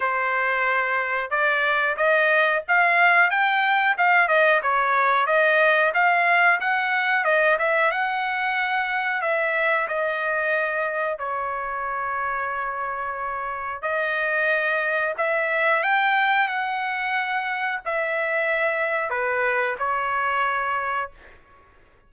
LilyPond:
\new Staff \with { instrumentName = "trumpet" } { \time 4/4 \tempo 4 = 91 c''2 d''4 dis''4 | f''4 g''4 f''8 dis''8 cis''4 | dis''4 f''4 fis''4 dis''8 e''8 | fis''2 e''4 dis''4~ |
dis''4 cis''2.~ | cis''4 dis''2 e''4 | g''4 fis''2 e''4~ | e''4 b'4 cis''2 | }